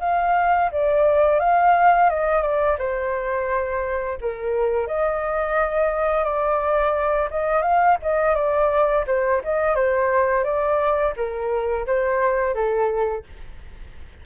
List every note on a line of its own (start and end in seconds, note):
0.00 0.70 F5
0.72 1.40 D5
1.40 2.09 F5
2.10 2.42 D#5
2.42 2.77 D5
2.78 4.18 C5
4.21 4.87 A#4
4.87 6.24 D#5
6.24 7.29 D5
7.30 7.62 D#5
7.62 7.97 F5
8.02 8.35 D#5
8.35 9.05 D5
9.07 9.42 C5
9.44 9.75 D#5
9.75 10.44 C5
10.44 11.14 D5
11.16 11.86 A#4
11.86 12.54 C5
12.54 13.24 A4